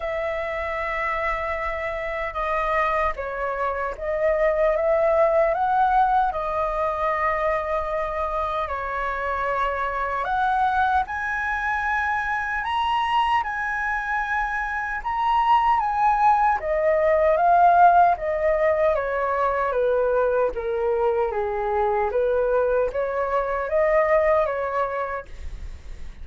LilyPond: \new Staff \with { instrumentName = "flute" } { \time 4/4 \tempo 4 = 76 e''2. dis''4 | cis''4 dis''4 e''4 fis''4 | dis''2. cis''4~ | cis''4 fis''4 gis''2 |
ais''4 gis''2 ais''4 | gis''4 dis''4 f''4 dis''4 | cis''4 b'4 ais'4 gis'4 | b'4 cis''4 dis''4 cis''4 | }